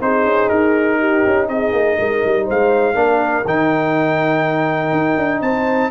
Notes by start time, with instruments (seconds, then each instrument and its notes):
0.00 tuba C4, trombone D#4, horn G#4, trumpet C5
0.24 tuba C#4
0.49 tuba D#4, trumpet A#4
0.99 horn G4
1.25 tuba C#4
1.48 tuba C4, horn G#4, trumpet D#5
1.73 tuba A#3
1.98 tuba G#3, horn A#4
2.25 tuba G3
2.45 tuba G#3, horn C5, trumpet F5
2.94 tuba A#3, trombone D4, horn A#4
3.45 tuba D#3, trombone D#4, trumpet G5
4.92 tuba D#4
5.17 tuba D4
5.41 tuba C4, horn C5, trumpet A5